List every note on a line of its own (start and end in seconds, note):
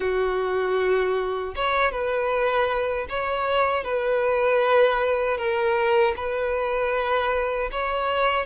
0.00 1.54 F#4
1.55 1.91 C#5
1.91 3.06 B4
3.09 3.84 C#5
3.84 5.37 B4
5.37 6.14 A#4
6.16 7.70 B4
7.71 8.46 C#5